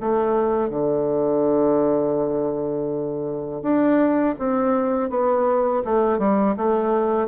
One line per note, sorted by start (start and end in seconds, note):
0.00 0.70 A3
0.70 3.62 D3
3.62 4.35 D4
4.38 5.10 C4
5.10 5.83 B3
5.84 6.18 A3
6.18 6.55 G3
6.56 7.27 A3